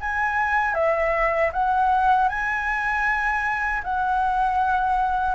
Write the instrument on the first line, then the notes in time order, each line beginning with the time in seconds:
flute
0.00 G#5
0.74 E5
1.53 F#5
2.28 G#5
3.83 F#5